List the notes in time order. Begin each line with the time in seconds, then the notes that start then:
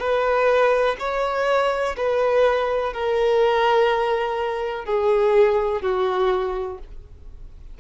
0.00 B4
0.99 C#5
1.97 B4
2.94 A#4
4.86 G#4
5.82 F#4